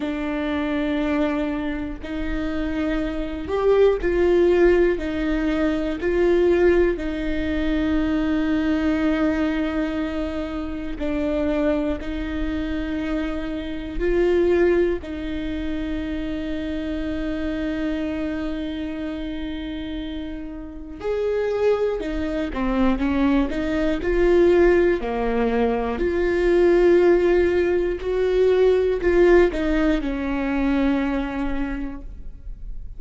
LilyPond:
\new Staff \with { instrumentName = "viola" } { \time 4/4 \tempo 4 = 60 d'2 dis'4. g'8 | f'4 dis'4 f'4 dis'4~ | dis'2. d'4 | dis'2 f'4 dis'4~ |
dis'1~ | dis'4 gis'4 dis'8 c'8 cis'8 dis'8 | f'4 ais4 f'2 | fis'4 f'8 dis'8 cis'2 | }